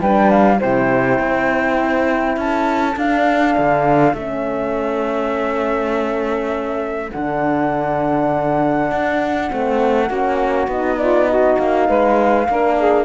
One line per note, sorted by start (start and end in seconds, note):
0.00 0.60 G3
0.00 0.57 D4
0.00 0.59 B4
0.00 0.30 G5
0.30 0.60 F5
0.57 1.18 C3
0.57 2.94 E4
0.57 2.38 C5
0.57 2.39 G5
1.18 2.36 C4
2.36 2.96 C#4
2.36 10.06 A4
2.36 2.98 A5
2.96 3.56 D4
2.96 4.17 D4
2.96 4.14 F5
3.57 4.13 D3
4.13 7.10 A3
4.13 7.14 C#4
4.13 7.11 E5
7.11 8.91 D3
7.11 9.48 D4
7.11 10.68 F#5
8.91 9.51 D4
9.48 10.10 A3
9.48 10.08 C4
10.06 10.67 A#3
10.06 10.68 C#4
10.06 10.95 F#4
10.67 11.56 B3
10.67 12.46 D#4
10.67 10.98 D#5
10.98 11.29 F4
10.98 11.27 D5
11.27 11.88 F#4
11.27 11.57 D#5
11.58 11.88 A#3
11.58 13.05 F5
11.88 12.48 G#3
11.88 12.47 B4
12.49 13.05 A#3
12.49 13.05 D4
12.49 12.78 A#4
12.78 13.05 G#4